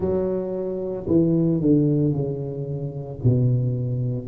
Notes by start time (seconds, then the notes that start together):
0.00 F#3
1.07 E3
1.60 D3
2.12 C#3
3.23 B2